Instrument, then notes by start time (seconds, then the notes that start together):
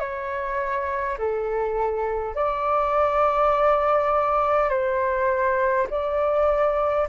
flute
0.00 C#5
1.18 A4
2.35 D5
4.70 C5
5.90 D5